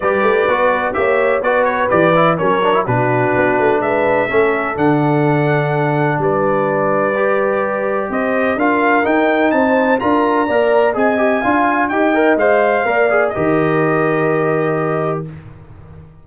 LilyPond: <<
  \new Staff \with { instrumentName = "trumpet" } { \time 4/4 \tempo 4 = 126 d''2 e''4 d''8 cis''8 | d''4 cis''4 b'2 | e''2 fis''2~ | fis''4 d''2.~ |
d''4 dis''4 f''4 g''4 | a''4 ais''2 gis''4~ | gis''4 g''4 f''2 | dis''1 | }
  \new Staff \with { instrumentName = "horn" } { \time 4/4 b'2 cis''4 b'4~ | b'4 ais'4 fis'2 | b'4 a'2.~ | a'4 b'2.~ |
b'4 c''4 ais'2 | c''4 ais'4 d''4 dis''4 | f''4 dis''2 d''4 | ais'1 | }
  \new Staff \with { instrumentName = "trombone" } { \time 4/4 g'4 fis'4 g'4 fis'4 | g'8 e'8 cis'8 d'16 e'16 d'2~ | d'4 cis'4 d'2~ | d'2. g'4~ |
g'2 f'4 dis'4~ | dis'4 f'4 ais'4 gis'8 g'8 | f'4 g'8 ais'8 c''4 ais'8 gis'8 | g'1 | }
  \new Staff \with { instrumentName = "tuba" } { \time 4/4 g8 a8 b4 ais4 b4 | e4 fis4 b,4 b8 a8 | gis4 a4 d2~ | d4 g2.~ |
g4 c'4 d'4 dis'4 | c'4 d'4 ais4 c'4 | d'4 dis'4 gis4 ais4 | dis1 | }
>>